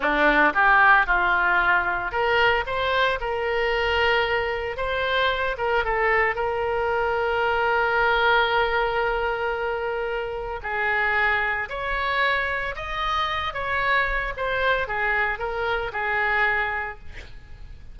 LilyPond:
\new Staff \with { instrumentName = "oboe" } { \time 4/4 \tempo 4 = 113 d'4 g'4 f'2 | ais'4 c''4 ais'2~ | ais'4 c''4. ais'8 a'4 | ais'1~ |
ais'1 | gis'2 cis''2 | dis''4. cis''4. c''4 | gis'4 ais'4 gis'2 | }